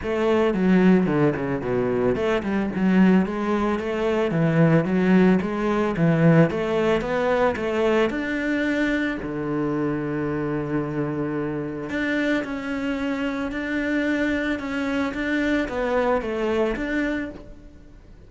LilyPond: \new Staff \with { instrumentName = "cello" } { \time 4/4 \tempo 4 = 111 a4 fis4 d8 cis8 b,4 | a8 g8 fis4 gis4 a4 | e4 fis4 gis4 e4 | a4 b4 a4 d'4~ |
d'4 d2.~ | d2 d'4 cis'4~ | cis'4 d'2 cis'4 | d'4 b4 a4 d'4 | }